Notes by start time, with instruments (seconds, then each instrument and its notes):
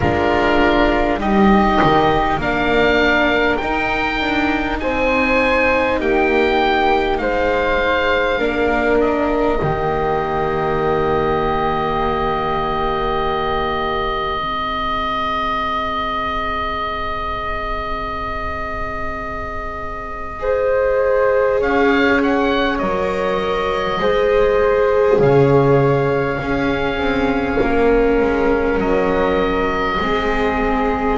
0.00 double bass G#3, viola D4, flute F4, oboe A#4
1.19 double bass G3, viola D#4, flute G4, oboe D#5
1.82 double bass D#3
2.36 double bass A#3, viola D4, flute A#4, oboe F5
3.56 double bass D#4, oboe G5
3.62 viola D#4
4.20 double bass D4
4.80 double bass C4, flute C5, oboe G#5
6.00 double bass A#3, flute G4, oboe G5
7.18 double bass G#3, flute C5, oboe F5
8.38 double bass A#3, viola D4, flute A#4
9.00 oboe D#5
9.59 double bass D#3, viola A#3, flute G4
14.38 double bass G#3, viola C4, flute G#4
20.39 viola G#4, flute C5
21.59 double bass C#4, flute C#5, oboe F5
22.22 oboe F#5
22.78 double bass F#3, viola A#4, oboe D#5
23.98 double bass G#3, viola G#4, flute C5
25.18 double bass C#3, flute C#5, oboe F5
26.38 viola C#4, double bass C#4, flute G#4
26.97 double bass C4
27.60 double bass A#3, flute A#4
28.21 double bass G#3
28.78 double bass F#3, oboe D#5
29.99 double bass G#3, viola C4, flute G#4